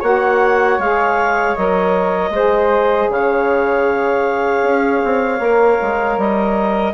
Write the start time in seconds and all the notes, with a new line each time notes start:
0.00 A#3 F#4 C#5 F#5
0.78 G#3 G#4 F5
1.56 F#3 A#4 D#5
2.30 G#3 G#4 C5
3.09 C#3 C#5 F5
4.62 C#4
5.04 C4
5.39 A#3 A#4
5.81 G#3
6.17 G3 D#5